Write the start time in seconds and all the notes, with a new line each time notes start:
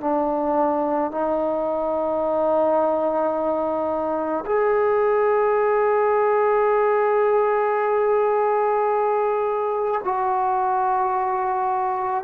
0.00 D4
1.11 D#4
4.45 G#4
10.04 F#4